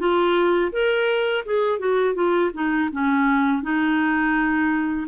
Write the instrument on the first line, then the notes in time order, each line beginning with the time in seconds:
clarinet
0.00 F4
0.73 A#4
1.46 G#4
1.79 F#4
2.15 F4
2.54 D#4
2.93 C#4
3.63 D#4